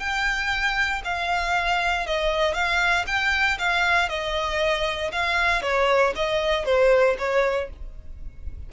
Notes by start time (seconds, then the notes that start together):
0.00 G5
1.05 F5
2.07 D#5
2.55 F5
3.07 G5
3.59 F5
4.09 D#5
5.13 F5
5.63 C#5
6.16 D#5
6.65 C5
7.19 C#5